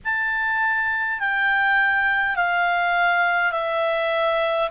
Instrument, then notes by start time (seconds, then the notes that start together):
clarinet
0.04 A5
1.19 G5
2.36 F5
3.52 E5